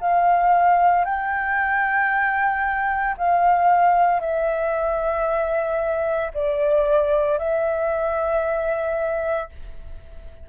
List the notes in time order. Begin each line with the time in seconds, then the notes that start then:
0.00 F5
1.04 G5
3.17 F5
4.20 E5
6.33 D5
7.38 E5